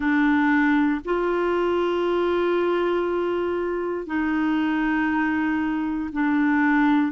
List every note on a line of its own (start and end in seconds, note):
0.00 1.00 D4
1.04 4.06 F4
4.06 6.10 D#4
6.12 7.12 D4